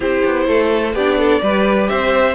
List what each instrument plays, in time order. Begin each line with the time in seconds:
0.00 cello C4, viola E4, violin G4 C5
0.24 cello B3
0.47 cello A3, violin A4
0.93 cello B3, viola D4, violin G4 D5
1.18 violin A4
1.42 cello G3, viola G4, violin B4
1.88 cello C4, violin C5 E5